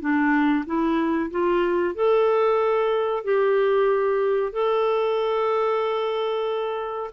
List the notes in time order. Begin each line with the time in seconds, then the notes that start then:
0.00 D4
0.66 E4
1.31 F4
1.95 A4
3.24 G4
4.52 A4